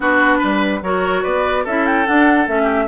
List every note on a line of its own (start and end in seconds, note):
0.00 0.40 B3
0.00 0.81 D4
0.00 0.38 F#4
0.00 0.83 B4
0.38 0.82 G3
0.38 0.79 B4
0.82 1.23 F#3
0.82 1.66 F#4
0.82 1.22 A#4
0.82 1.24 C#5
1.22 1.65 B3
1.22 1.63 B4
1.22 1.65 D5
1.64 2.07 C#4
1.64 2.06 E4
1.64 2.62 A4
1.64 1.86 E5
1.86 2.06 G5
2.06 2.47 D4
2.06 2.47 F#5
2.47 2.88 A3
2.47 2.88 C#4
2.47 2.88 E5
2.62 2.83 G4